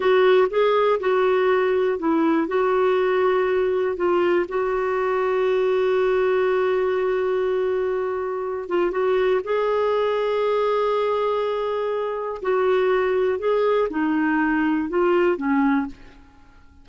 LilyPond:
\new Staff \with { instrumentName = "clarinet" } { \time 4/4 \tempo 4 = 121 fis'4 gis'4 fis'2 | e'4 fis'2. | f'4 fis'2.~ | fis'1~ |
fis'4. f'8 fis'4 gis'4~ | gis'1~ | gis'4 fis'2 gis'4 | dis'2 f'4 cis'4 | }